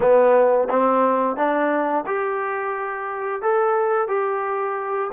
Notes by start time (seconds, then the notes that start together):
0.00 B3
0.69 C4
1.36 D4
2.06 G4
3.42 A4
4.08 G4